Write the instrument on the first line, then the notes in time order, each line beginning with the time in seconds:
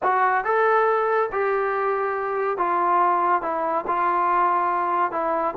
trombone
0.02 F#4
0.44 A4
1.32 G4
2.57 F4
3.41 E4
3.87 F4
5.11 E4